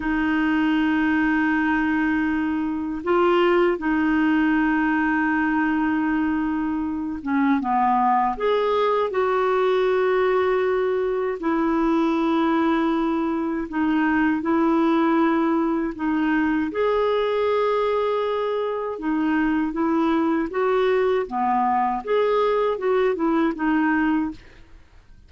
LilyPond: \new Staff \with { instrumentName = "clarinet" } { \time 4/4 \tempo 4 = 79 dis'1 | f'4 dis'2.~ | dis'4. cis'8 b4 gis'4 | fis'2. e'4~ |
e'2 dis'4 e'4~ | e'4 dis'4 gis'2~ | gis'4 dis'4 e'4 fis'4 | b4 gis'4 fis'8 e'8 dis'4 | }